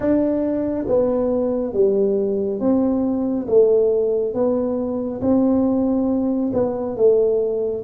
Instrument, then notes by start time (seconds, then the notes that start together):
tuba
0.00 D4
0.87 B3
1.73 G3
2.60 C4
3.47 A3
4.34 B3
5.21 C4
6.53 B3
6.96 A3